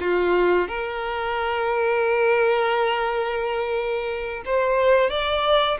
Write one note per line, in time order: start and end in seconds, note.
0.00 0.68 F4
0.68 4.43 A#4
4.45 5.10 C5
5.10 5.78 D5